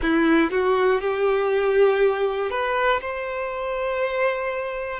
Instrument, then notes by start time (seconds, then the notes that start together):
violin
0.02 E4
0.50 F#4
1.00 G4
2.50 B4
3.00 C5